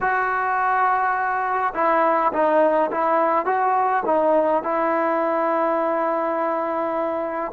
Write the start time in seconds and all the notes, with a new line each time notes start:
0.00 F#4
1.74 E4
2.32 D#4
2.91 E4
3.45 F#4
4.05 D#4
4.63 E4